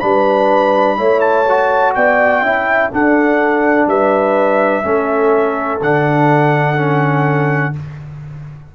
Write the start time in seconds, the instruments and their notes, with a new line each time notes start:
0.00 tuba G3, trombone D4, horn B4, trumpet B5
0.98 tuba A3, trombone E4, horn C#5
1.21 trumpet A5
1.49 trombone F#4
1.95 tuba B3, horn D5, trumpet G5
2.42 tuba C#4, trombone E4, horn E5
2.91 trombone D4, tuba D4, horn A4, trumpet F#5
3.87 tuba G3, horn B4, trumpet E5
4.83 tuba A3, trombone C#4, horn A4
5.81 tuba D3, trombone D4, trumpet F#5
6.77 trombone C#4